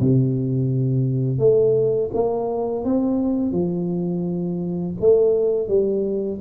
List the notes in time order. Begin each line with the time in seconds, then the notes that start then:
0.00 C3
1.39 A3
2.13 A#3
2.84 C4
3.52 F3
5.00 A3
5.68 G3